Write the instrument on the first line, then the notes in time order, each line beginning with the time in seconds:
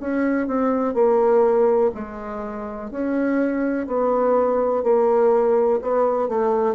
bassoon
0.00 C#4
0.48 C4
0.94 A#3
1.94 G#3
2.91 C#4
3.87 B3
4.83 A#3
5.82 B3
6.28 A3